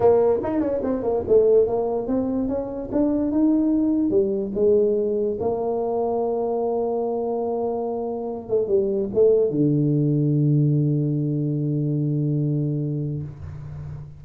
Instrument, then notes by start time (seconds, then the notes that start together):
tuba
0.00 A#3
0.43 D#4
0.60 C#4
0.83 C4
1.02 A#3
1.28 A3
1.67 A#3
2.07 C4
2.48 C#4
2.92 D4
3.31 D#4
4.10 G3
4.55 G#3
5.40 A#3
8.49 A3
8.67 G3
9.13 A3
9.50 D3